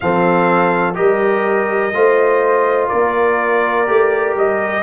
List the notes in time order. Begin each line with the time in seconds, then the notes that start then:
0.00 F3 C4 A4 F5
0.94 G3 G4 A#4 D#5
1.92 A3 F4 C5
2.88 A#3 A#4 D5
3.86 A3 G4
4.35 G3 D#5